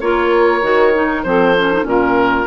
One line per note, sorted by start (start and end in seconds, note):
0.00 0.62 A#3
0.00 0.62 F4
0.00 1.27 A#4
0.00 1.22 C#5
0.62 1.24 D#3
0.62 0.93 F#4
0.94 1.24 D#4
1.22 1.84 F3
1.22 1.55 C4
1.22 1.87 A4
1.22 1.84 C5
1.57 1.72 C#4
1.72 1.83 D#4
1.83 2.46 A#2
1.83 2.45 C#4
1.83 2.47 F4
1.83 2.47 A#4